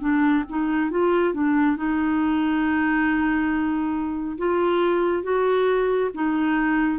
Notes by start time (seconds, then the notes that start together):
0.00 D4
0.49 D#4
0.91 F4
1.34 D4
1.77 D#4
4.38 F4
5.23 F#4
6.14 D#4